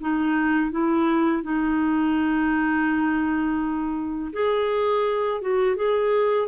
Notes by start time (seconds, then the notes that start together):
0.00 D#4
0.71 E4
1.42 D#4
4.32 G#4
5.41 F#4
5.76 G#4